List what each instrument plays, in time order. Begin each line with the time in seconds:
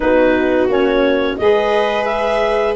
0.00 tuba B3, saxophone D#4, viola F#4, clarinet B4
0.68 tuba A#3, saxophone C#4, clarinet C#5
1.37 tuba G#3, saxophone G#4, viola B4, clarinet D#5
2.04 clarinet E5